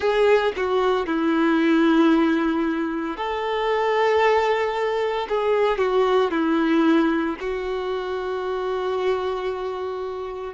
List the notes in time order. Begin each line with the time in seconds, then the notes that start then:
0.00 G#4
0.56 F#4
1.06 E4
3.16 A4
5.28 G#4
5.78 F#4
6.31 E4
7.40 F#4